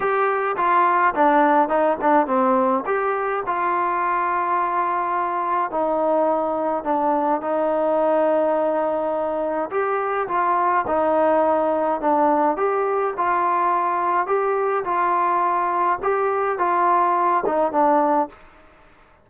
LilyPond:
\new Staff \with { instrumentName = "trombone" } { \time 4/4 \tempo 4 = 105 g'4 f'4 d'4 dis'8 d'8 | c'4 g'4 f'2~ | f'2 dis'2 | d'4 dis'2.~ |
dis'4 g'4 f'4 dis'4~ | dis'4 d'4 g'4 f'4~ | f'4 g'4 f'2 | g'4 f'4. dis'8 d'4 | }